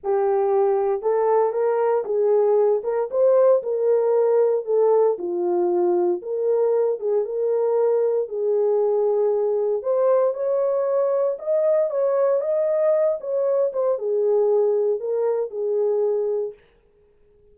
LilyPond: \new Staff \with { instrumentName = "horn" } { \time 4/4 \tempo 4 = 116 g'2 a'4 ais'4 | gis'4. ais'8 c''4 ais'4~ | ais'4 a'4 f'2 | ais'4. gis'8 ais'2 |
gis'2. c''4 | cis''2 dis''4 cis''4 | dis''4. cis''4 c''8 gis'4~ | gis'4 ais'4 gis'2 | }